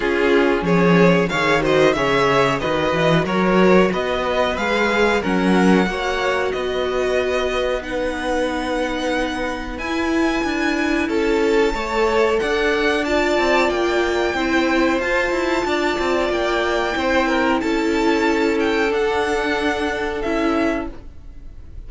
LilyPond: <<
  \new Staff \with { instrumentName = "violin" } { \time 4/4 \tempo 4 = 92 gis'4 cis''4 f''8 dis''8 e''4 | dis''4 cis''4 dis''4 f''4 | fis''2 dis''2 | fis''2. gis''4~ |
gis''4 a''2 fis''4 | a''4 g''2 a''4~ | a''4 g''2 a''4~ | a''8 g''8 fis''2 e''4 | }
  \new Staff \with { instrumentName = "violin" } { \time 4/4 f'4 gis'4 cis''8 c''8 cis''4 | b'4 ais'4 b'2 | ais'4 cis''4 b'2~ | b'1~ |
b'4 a'4 cis''4 d''4~ | d''2 c''2 | d''2 c''8 ais'8 a'4~ | a'1 | }
  \new Staff \with { instrumentName = "viola" } { \time 4/4 cis'2 gis'8 fis'8 gis'4 | fis'2. gis'4 | cis'4 fis'2. | dis'2. e'4~ |
e'2 a'2 | f'2 e'4 f'4~ | f'2 e'2~ | e'4 d'2 e'4 | }
  \new Staff \with { instrumentName = "cello" } { \time 4/4 cis'4 f4 dis4 cis4 | dis8 e8 fis4 b4 gis4 | fis4 ais4 b2~ | b2. e'4 |
d'4 cis'4 a4 d'4~ | d'8 c'8 ais4 c'4 f'8 e'8 | d'8 c'8 ais4 c'4 cis'4~ | cis'4 d'2 cis'4 | }
>>